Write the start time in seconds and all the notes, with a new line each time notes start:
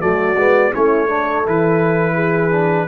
0.00 F#3 A3 F#4 D5
0.36 G#3 B3
0.72 A3 C#4 E4 C#5
1.06 D4 A4
1.44 E3 E4 B4
2.14 G#4
2.51 D4